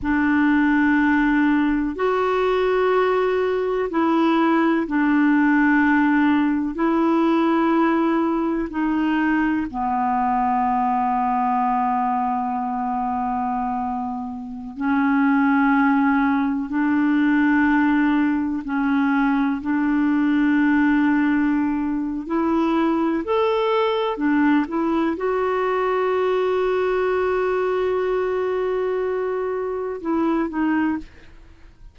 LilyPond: \new Staff \with { instrumentName = "clarinet" } { \time 4/4 \tempo 4 = 62 d'2 fis'2 | e'4 d'2 e'4~ | e'4 dis'4 b2~ | b2.~ b16 cis'8.~ |
cis'4~ cis'16 d'2 cis'8.~ | cis'16 d'2~ d'8. e'4 | a'4 d'8 e'8 fis'2~ | fis'2. e'8 dis'8 | }